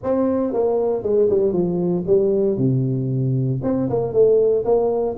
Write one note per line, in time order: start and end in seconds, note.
0.03 0.53 C4
0.53 1.03 A#3
1.03 1.28 G#3
1.29 1.52 G3
1.52 2.04 F3
2.07 2.57 G3
2.57 3.61 C3
3.63 3.89 C4
3.89 4.12 A#3
4.12 4.64 A3
4.64 5.16 A#3